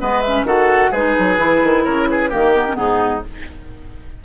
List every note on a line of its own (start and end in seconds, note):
0.00 0.43 G#3
0.00 0.23 B3
0.00 0.46 B4
0.00 0.21 D#5
0.21 0.46 C#4
0.21 0.44 E5
0.43 0.89 D#3
0.43 0.92 F#4
0.43 0.91 A4
0.43 0.93 F#5
0.91 1.15 G#3
0.91 1.38 D#4
0.91 1.83 G#4
0.91 1.84 B4
1.19 1.38 F#3
1.38 1.61 E3
1.38 2.30 E4
1.64 1.86 D#3
1.84 2.32 C#3
1.84 2.08 A#4
1.84 2.07 C#5
2.09 2.30 G#4
2.09 2.31 B4
2.30 2.77 D#3
2.30 2.54 A#3
2.30 2.76 G4
2.30 2.77 A#4
2.55 2.66 B3
2.67 2.75 C#4
2.75 3.24 G#2
2.75 3.21 B3
2.75 3.25 D#4
2.75 3.23 G#4